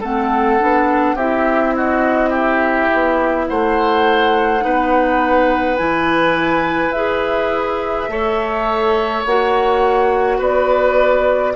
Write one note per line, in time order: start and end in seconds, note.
0.00 0.60 A3
0.00 0.59 C4
0.00 1.15 A4
0.00 1.17 F#5
0.59 1.14 B3
0.59 1.17 D4
1.14 2.87 C4
1.14 4.60 E4
1.14 1.73 G4
1.14 1.75 E5
1.75 2.29 F#4
1.75 2.33 D#5
2.29 3.45 G4
2.29 3.47 E5
2.93 3.50 B3
3.47 4.64 A3
3.47 4.64 C5
3.47 5.76 F#5
4.60 5.79 B3
4.60 5.75 D#4
4.60 8.10 B4
5.76 6.92 E3
5.76 6.93 E4
5.76 6.91 G#5
6.91 8.07 E4
6.91 8.09 G#4
6.91 9.22 E5
8.08 9.24 A3
8.08 9.25 A4
8.08 10.37 C#5
9.25 10.39 A#3
9.25 11.55 F#4
9.25 10.40 F#5
10.37 11.54 B3
10.37 11.53 B4
10.37 11.55 D5